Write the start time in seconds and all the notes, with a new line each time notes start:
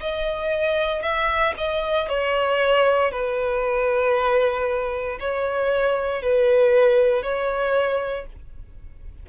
0.00 D#5
1.02 E5
1.57 D#5
2.08 C#5
3.11 B4
5.20 C#5
6.22 B4
7.22 C#5